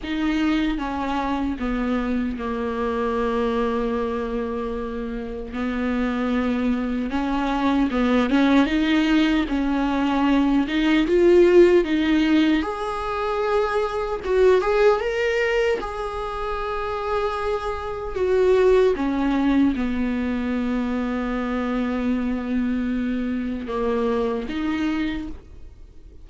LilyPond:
\new Staff \with { instrumentName = "viola" } { \time 4/4 \tempo 4 = 76 dis'4 cis'4 b4 ais4~ | ais2. b4~ | b4 cis'4 b8 cis'8 dis'4 | cis'4. dis'8 f'4 dis'4 |
gis'2 fis'8 gis'8 ais'4 | gis'2. fis'4 | cis'4 b2.~ | b2 ais4 dis'4 | }